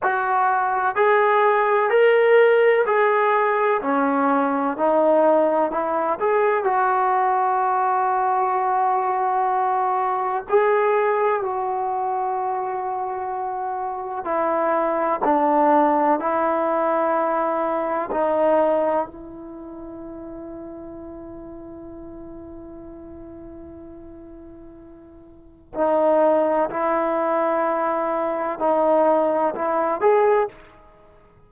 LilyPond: \new Staff \with { instrumentName = "trombone" } { \time 4/4 \tempo 4 = 63 fis'4 gis'4 ais'4 gis'4 | cis'4 dis'4 e'8 gis'8 fis'4~ | fis'2. gis'4 | fis'2. e'4 |
d'4 e'2 dis'4 | e'1~ | e'2. dis'4 | e'2 dis'4 e'8 gis'8 | }